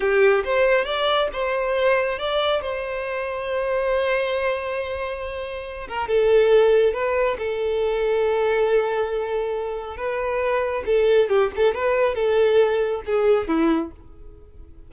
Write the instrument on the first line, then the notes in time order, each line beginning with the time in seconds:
violin
0.00 G4
0.44 C5
0.85 D5
1.33 C5
2.19 D5
2.61 C5
5.87 A#4
6.08 A4
6.93 B4
7.38 A4
9.96 B4
10.86 A4
11.29 G4
11.56 A4
11.74 B4
12.14 A4
13.06 G#4
13.47 E4